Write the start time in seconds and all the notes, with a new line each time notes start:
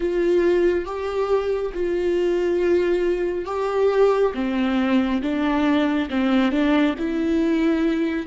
0.00 F4
0.85 G4
1.73 F4
3.45 G4
4.34 C4
5.22 D4
6.09 C4
6.51 D4
6.98 E4